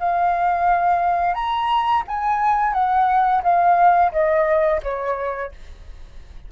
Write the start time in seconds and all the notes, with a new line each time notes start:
0.00 F5
1.35 A#5
2.08 G#5
2.74 F#5
3.43 F5
4.13 D#5
4.83 C#5